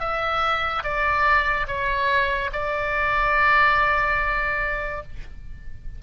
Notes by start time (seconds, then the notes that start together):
0.00 E5
0.84 D5
1.67 C#5
2.53 D5